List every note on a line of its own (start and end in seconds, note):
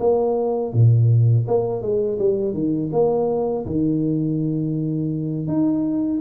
0.00 0.73 A#3
0.73 1.46 A#2
1.48 1.82 A#3
1.82 2.18 G#3
2.19 2.54 G3
2.54 2.90 D#3
2.92 3.66 A#3
3.66 5.47 D#3
5.47 6.21 D#4